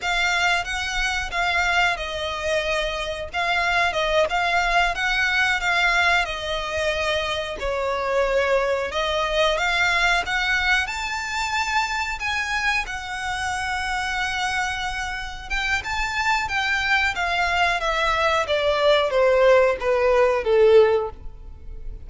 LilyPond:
\new Staff \with { instrumentName = "violin" } { \time 4/4 \tempo 4 = 91 f''4 fis''4 f''4 dis''4~ | dis''4 f''4 dis''8 f''4 fis''8~ | fis''8 f''4 dis''2 cis''8~ | cis''4. dis''4 f''4 fis''8~ |
fis''8 a''2 gis''4 fis''8~ | fis''2.~ fis''8 g''8 | a''4 g''4 f''4 e''4 | d''4 c''4 b'4 a'4 | }